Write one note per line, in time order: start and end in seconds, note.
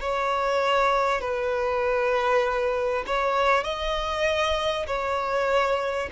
0.00 1.21 C#5
1.21 3.04 B4
3.06 3.64 C#5
3.64 4.86 D#5
4.86 6.09 C#5